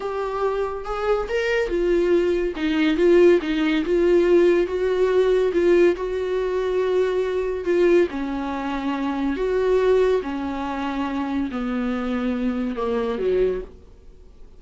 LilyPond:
\new Staff \with { instrumentName = "viola" } { \time 4/4 \tempo 4 = 141 g'2 gis'4 ais'4 | f'2 dis'4 f'4 | dis'4 f'2 fis'4~ | fis'4 f'4 fis'2~ |
fis'2 f'4 cis'4~ | cis'2 fis'2 | cis'2. b4~ | b2 ais4 fis4 | }